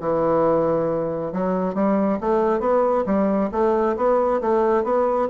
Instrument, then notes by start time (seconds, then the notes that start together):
bassoon
0.00 E3
1.32 F#3
1.74 G3
2.20 A3
2.59 B3
3.06 G3
3.52 A3
3.96 B3
4.41 A3
4.84 B3